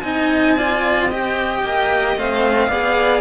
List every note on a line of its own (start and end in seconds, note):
0.00 1.63 C4
0.00 0.57 D#4
0.00 0.56 D#5
0.00 1.07 G#5
0.57 1.11 F4
0.57 1.09 D5
1.09 2.18 G4
1.09 2.70 D#5
1.09 2.18 G5
1.64 2.16 A#3
2.16 2.69 A3
2.16 2.71 C4
2.16 3.21 F5
2.69 3.21 B3
2.69 3.21 G#4
2.69 3.21 D5